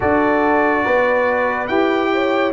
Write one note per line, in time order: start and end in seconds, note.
0.00 0.86 D4
0.00 1.68 F#4
0.00 0.84 A4
0.00 1.67 D5
0.84 1.69 B3
0.84 2.11 B4
1.67 2.53 E4
1.67 2.53 G4
1.67 2.51 G5
2.13 2.53 C#5